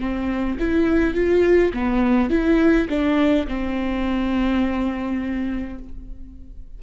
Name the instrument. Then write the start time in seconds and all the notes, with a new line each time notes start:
viola
0.00 C4
0.59 E4
1.14 F4
1.74 B3
2.30 E4
2.89 D4
3.47 C4